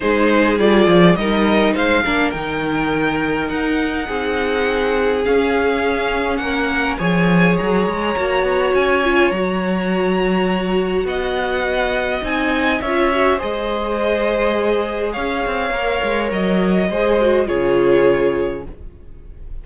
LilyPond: <<
  \new Staff \with { instrumentName = "violin" } { \time 4/4 \tempo 4 = 103 c''4 d''4 dis''4 f''4 | g''2 fis''2~ | fis''4 f''2 fis''4 | gis''4 ais''2 gis''4 |
ais''2. fis''4~ | fis''4 gis''4 e''4 dis''4~ | dis''2 f''2 | dis''2 cis''2 | }
  \new Staff \with { instrumentName = "violin" } { \time 4/4 gis'2 ais'4 c''8 ais'8~ | ais'2. gis'4~ | gis'2. ais'4 | cis''1~ |
cis''2. dis''4~ | dis''2 cis''4 c''4~ | c''2 cis''2~ | cis''4 c''4 gis'2 | }
  \new Staff \with { instrumentName = "viola" } { \time 4/4 dis'4 f'4 dis'4. d'8 | dis'1~ | dis'4 cis'2. | gis'2 fis'4. f'8 |
fis'1~ | fis'4 dis'4 f'8 fis'8 gis'4~ | gis'2. ais'4~ | ais'4 gis'8 fis'8 f'2 | }
  \new Staff \with { instrumentName = "cello" } { \time 4/4 gis4 g8 f8 g4 gis8 ais8 | dis2 dis'4 c'4~ | c'4 cis'2 ais4 | f4 fis8 gis8 ais8 b8 cis'4 |
fis2. b4~ | b4 c'4 cis'4 gis4~ | gis2 cis'8 c'8 ais8 gis8 | fis4 gis4 cis2 | }
>>